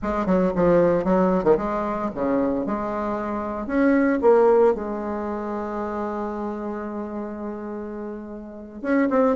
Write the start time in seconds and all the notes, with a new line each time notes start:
0.02 G#3
0.25 F#3
0.55 F3
1.04 F#3
1.43 D#3
1.57 G#3
2.14 C#3
2.66 G#3
3.66 C#4
4.21 A#3
4.74 G#3
8.82 C#4
9.10 C4